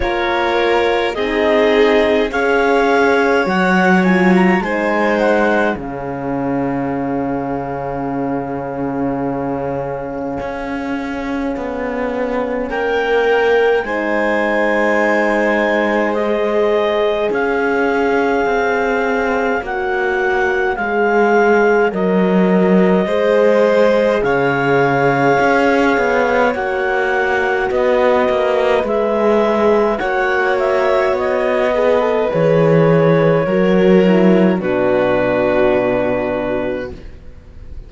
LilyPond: <<
  \new Staff \with { instrumentName = "clarinet" } { \time 4/4 \tempo 4 = 52 cis''4 dis''4 f''4 fis''8 gis''16 ais''16 | gis''8 fis''8 f''2.~ | f''2. g''4 | gis''2 dis''4 f''4~ |
f''4 fis''4 f''4 dis''4~ | dis''4 f''2 fis''4 | dis''4 e''4 fis''8 e''8 dis''4 | cis''2 b'2 | }
  \new Staff \with { instrumentName = "violin" } { \time 4/4 ais'4 gis'4 cis''2 | c''4 gis'2.~ | gis'2. ais'4 | c''2. cis''4~ |
cis''1 | c''4 cis''2. | b'2 cis''4. b'8~ | b'4 ais'4 fis'2 | }
  \new Staff \with { instrumentName = "horn" } { \time 4/4 f'4 dis'4 gis'4 fis'8 f'8 | dis'4 cis'2.~ | cis'1 | dis'2 gis'2~ |
gis'4 fis'4 gis'4 ais'4 | gis'2. fis'4~ | fis'4 gis'4 fis'4. gis'16 a'16 | gis'4 fis'8 e'8 d'2 | }
  \new Staff \with { instrumentName = "cello" } { \time 4/4 ais4 c'4 cis'4 fis4 | gis4 cis2.~ | cis4 cis'4 b4 ais4 | gis2. cis'4 |
c'4 ais4 gis4 fis4 | gis4 cis4 cis'8 b8 ais4 | b8 ais8 gis4 ais4 b4 | e4 fis4 b,2 | }
>>